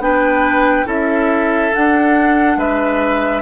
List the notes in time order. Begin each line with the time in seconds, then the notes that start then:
0.00 B3 D4 B4 G5
0.86 C#4 E4 A4 E5
1.74 D4 F#5
2.57 G#3 B4 E5